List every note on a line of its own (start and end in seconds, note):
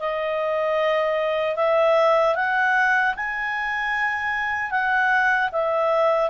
0.00 1.56 D#5
1.56 2.35 E5
2.36 3.15 F#5
3.17 4.71 G#5
4.71 5.50 F#5
5.52 6.31 E5